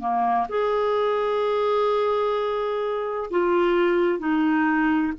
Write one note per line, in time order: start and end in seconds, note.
0.00 0.47 A#3
0.49 3.30 G#4
3.31 4.19 F4
4.19 5.13 D#4